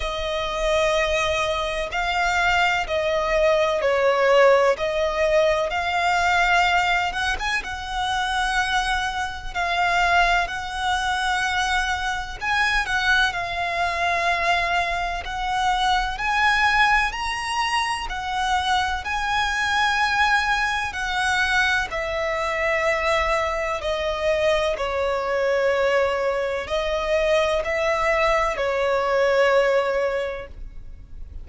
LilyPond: \new Staff \with { instrumentName = "violin" } { \time 4/4 \tempo 4 = 63 dis''2 f''4 dis''4 | cis''4 dis''4 f''4. fis''16 gis''16 | fis''2 f''4 fis''4~ | fis''4 gis''8 fis''8 f''2 |
fis''4 gis''4 ais''4 fis''4 | gis''2 fis''4 e''4~ | e''4 dis''4 cis''2 | dis''4 e''4 cis''2 | }